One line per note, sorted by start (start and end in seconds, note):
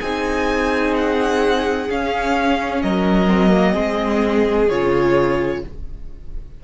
0.00 1.90 C4
0.00 1.90 D#4
0.00 2.82 G#4
0.00 0.94 G#5
0.98 1.91 F#5
1.90 2.84 C#4
1.90 3.28 C#4
1.90 2.82 F5
2.82 3.76 F#3
2.82 3.72 A#4
2.82 4.69 D#5
3.28 3.51 C4
3.51 3.74 A#3
3.72 4.70 G#3
3.72 4.68 C4
3.72 5.60 G#4
4.69 5.64 C#3
4.69 5.65 F4
4.69 5.63 C#5